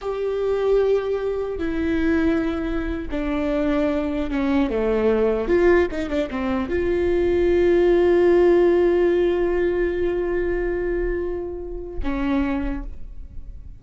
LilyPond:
\new Staff \with { instrumentName = "viola" } { \time 4/4 \tempo 4 = 150 g'1 | e'2.~ e'8. d'16~ | d'2~ d'8. cis'4 a16~ | a4.~ a16 f'4 dis'8 d'8 c'16~ |
c'8. f'2.~ f'16~ | f'1~ | f'1~ | f'2 cis'2 | }